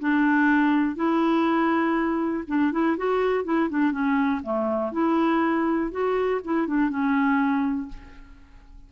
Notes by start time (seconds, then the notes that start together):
0.00 D4
0.96 E4
2.47 D4
2.72 E4
2.97 F#4
3.45 E4
3.70 D4
3.92 C#4
4.43 A3
4.92 E4
5.92 F#4
6.44 E4
6.67 D4
6.90 C#4